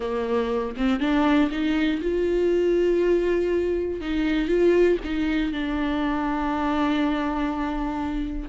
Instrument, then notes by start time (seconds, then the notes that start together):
viola
0.00 A#3
0.76 C4
1.00 D4
1.50 D#4
2.01 F4
4.00 D#4
4.47 F4
5.03 D#4
5.52 D4